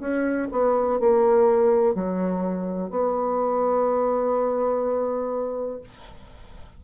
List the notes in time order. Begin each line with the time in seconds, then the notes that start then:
0.00 C#4
0.52 B3
1.00 A#3
1.95 F#3
2.90 B3